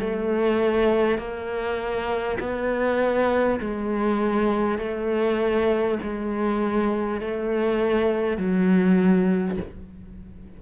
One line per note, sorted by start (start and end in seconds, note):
0.00 1.17 A3
1.17 2.37 A#3
2.39 3.59 B3
3.59 4.78 G#3
4.78 5.98 A3
6.03 7.20 G#3
7.20 8.37 A3
8.37 9.57 F#3